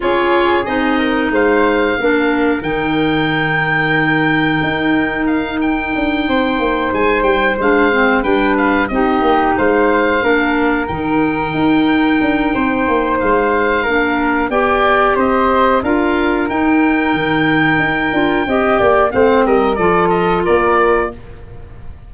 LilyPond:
<<
  \new Staff \with { instrumentName = "oboe" } { \time 4/4 \tempo 4 = 91 cis''4 dis''4 f''2 | g''1 | f''8 g''2 gis''8 g''8 f''8~ | f''8 g''8 f''8 dis''4 f''4.~ |
f''8 g''2.~ g''8 | f''2 g''4 dis''4 | f''4 g''2.~ | g''4 f''8 dis''8 d''8 dis''8 d''4 | }
  \new Staff \with { instrumentName = "flute" } { \time 4/4 gis'4. ais'8 c''4 ais'4~ | ais'1~ | ais'4. c''2~ c''8~ | c''8 b'4 g'4 c''4 ais'8~ |
ais'2. c''4~ | c''4 ais'4 d''4 c''4 | ais'1 | dis''8 d''8 c''8 ais'8 a'4 ais'4 | }
  \new Staff \with { instrumentName = "clarinet" } { \time 4/4 f'4 dis'2 d'4 | dis'1~ | dis'2.~ dis'8 d'8 | c'8 d'4 dis'2 d'8~ |
d'8 dis'2.~ dis'8~ | dis'4 d'4 g'2 | f'4 dis'2~ dis'8 f'8 | g'4 c'4 f'2 | }
  \new Staff \with { instrumentName = "tuba" } { \time 4/4 cis'4 c'4 gis4 ais4 | dis2. dis'4~ | dis'4 d'8 c'8 ais8 gis8 g8 gis8~ | gis8 g4 c'8 ais8 gis4 ais8~ |
ais8 dis4 dis'4 d'8 c'8 ais8 | gis4 ais4 b4 c'4 | d'4 dis'4 dis4 dis'8 d'8 | c'8 ais8 a8 g8 f4 ais4 | }
>>